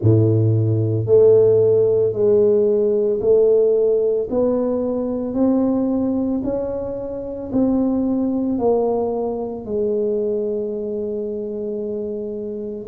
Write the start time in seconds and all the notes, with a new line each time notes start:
0.01 A2
1.06 A3
2.12 G#3
3.20 A3
4.30 B3
5.34 C4
6.43 C#4
7.52 C4
8.58 A#3
9.65 G#3